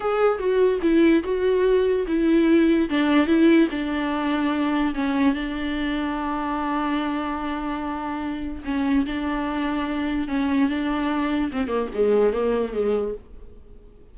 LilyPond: \new Staff \with { instrumentName = "viola" } { \time 4/4 \tempo 4 = 146 gis'4 fis'4 e'4 fis'4~ | fis'4 e'2 d'4 | e'4 d'2. | cis'4 d'2.~ |
d'1~ | d'4 cis'4 d'2~ | d'4 cis'4 d'2 | c'8 ais8 gis4 ais4 gis4 | }